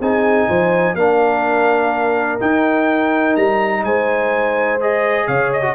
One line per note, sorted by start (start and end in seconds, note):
0.00 0.48 C4
0.00 0.97 D#4
0.00 0.47 G#4
0.00 0.95 G#5
0.47 0.94 F3
0.47 0.95 C5
0.94 2.38 A#3
0.94 2.39 D4
0.94 3.84 A#4
0.94 2.39 F5
2.39 4.79 D#4
2.39 3.36 D#4
2.39 3.36 G5
3.36 3.84 G3
3.36 3.84 A#5
3.84 5.27 G#3
3.84 5.27 C5
3.84 4.80 G#5
4.80 5.62 G#4
4.80 5.27 D#5
5.27 5.75 C#3
5.27 5.75 C#5
5.27 5.51 F5
5.53 5.75 D#5
5.62 5.74 F#4